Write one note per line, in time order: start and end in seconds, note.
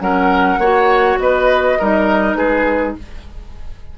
0.00 0.58 F#3
0.00 0.59 C#4
0.00 0.60 A#4
0.00 1.19 F#5
0.58 1.17 A#3
0.58 1.80 F#4
0.58 1.19 C#5
1.19 1.78 B3
1.19 1.79 B4
1.19 2.35 D#5
1.79 2.36 G3
1.79 2.98 D#4
1.79 2.37 A#4
2.35 2.94 G#3
2.35 2.96 G#4
2.35 2.94 B4